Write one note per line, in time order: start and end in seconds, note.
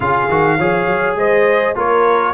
0.00 0.27 C#3
0.00 0.29 F4
0.00 0.57 G#4
0.00 1.16 F5
0.29 0.58 D#3
0.29 0.59 F#4
0.57 0.86 F3
0.57 1.75 G#4
0.57 1.16 C#5
0.86 1.15 F#3
1.15 1.74 G#3
1.15 1.75 C5
1.15 1.76 D#5
1.75 2.33 A#3
1.75 2.33 F4
1.75 2.33 A#4
1.75 2.33 C#5